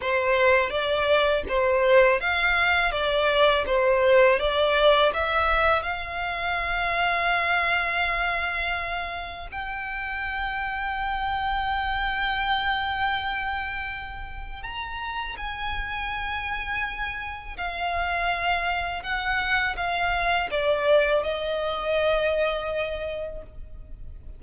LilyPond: \new Staff \with { instrumentName = "violin" } { \time 4/4 \tempo 4 = 82 c''4 d''4 c''4 f''4 | d''4 c''4 d''4 e''4 | f''1~ | f''4 g''2.~ |
g''1 | ais''4 gis''2. | f''2 fis''4 f''4 | d''4 dis''2. | }